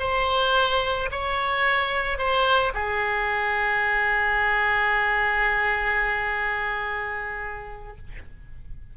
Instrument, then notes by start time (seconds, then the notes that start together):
oboe
0.00 C5
1.12 C#5
2.18 C5
2.75 G#4